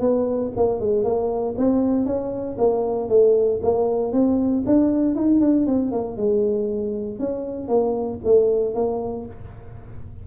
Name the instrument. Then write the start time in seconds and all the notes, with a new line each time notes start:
tuba
0.00 B3
0.57 A#3
0.80 G#3
1.04 A#3
1.58 C4
2.06 C#4
2.58 A#3
3.09 A3
3.63 A#3
4.13 C4
4.66 D4
5.15 D#4
5.41 D4
5.67 C4
5.92 A#3
6.17 G#3
7.19 C#4
7.68 A#3
8.25 A3
8.75 A#3